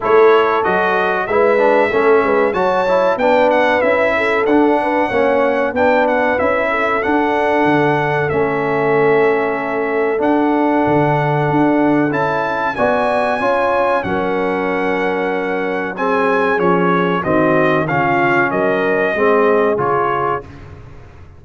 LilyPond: <<
  \new Staff \with { instrumentName = "trumpet" } { \time 4/4 \tempo 4 = 94 cis''4 dis''4 e''2 | a''4 g''8 fis''8 e''4 fis''4~ | fis''4 g''8 fis''8 e''4 fis''4~ | fis''4 e''2. |
fis''2. a''4 | gis''2 fis''2~ | fis''4 gis''4 cis''4 dis''4 | f''4 dis''2 cis''4 | }
  \new Staff \with { instrumentName = "horn" } { \time 4/4 a'2 b'4 a'8 b'8 | cis''4 b'4. a'4 b'8 | cis''4 b'4. a'4.~ | a'1~ |
a'1 | d''4 cis''4 ais'2~ | ais'4 gis'2 fis'4 | f'4 ais'4 gis'2 | }
  \new Staff \with { instrumentName = "trombone" } { \time 4/4 e'4 fis'4 e'8 d'8 cis'4 | fis'8 e'8 d'4 e'4 d'4 | cis'4 d'4 e'4 d'4~ | d'4 cis'2. |
d'2. e'4 | fis'4 f'4 cis'2~ | cis'4 c'4 cis'4 c'4 | cis'2 c'4 f'4 | }
  \new Staff \with { instrumentName = "tuba" } { \time 4/4 a4 fis4 gis4 a8 gis8 | fis4 b4 cis'4 d'4 | ais4 b4 cis'4 d'4 | d4 a2. |
d'4 d4 d'4 cis'4 | b4 cis'4 fis2~ | fis2 f4 dis4 | cis4 fis4 gis4 cis4 | }
>>